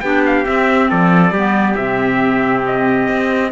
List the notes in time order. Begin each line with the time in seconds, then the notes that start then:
0.00 B3 D4 G4 G5
0.26 F5
0.45 C4 E5
0.89 F3 A4 D5
1.31 G3 B3 G4
1.75 C3 C4 E5
2.66 D#5
3.08 C4